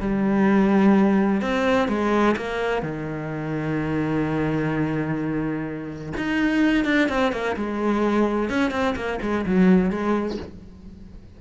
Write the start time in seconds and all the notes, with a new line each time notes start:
0.00 G3
1.42 C4
1.88 G#3
2.37 A#3
2.82 D#3
6.17 D#4
6.85 D4
7.08 C4
7.32 A#3
7.56 G#3
8.49 C#4
8.71 C4
8.96 A#3
9.22 G#3
9.46 F#3
9.90 G#3